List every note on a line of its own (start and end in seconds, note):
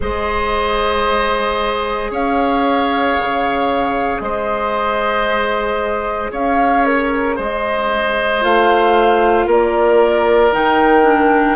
0.00 2.11 G#3
0.00 8.41 G#4
0.00 2.11 C5
0.00 2.12 D#5
2.11 3.16 C#4
2.11 4.21 C#5
2.11 4.20 F5
3.19 4.20 C#3
4.20 6.31 G#3
4.20 6.31 C5
4.20 6.30 D#5
6.31 7.37 C#4
6.31 7.36 C#5
6.31 6.85 F5
6.85 7.37 A#4
7.36 8.43 G#3
7.36 9.46 C5
7.36 8.43 D#5
8.41 9.46 A3
8.41 10.51 F4
8.41 9.48 F5
9.46 10.51 A#3
9.46 11.56 A#4
9.46 10.53 D5
10.52 11.56 D#3
10.52 11.04 D#4
10.52 11.56 G5
11.04 11.56 D4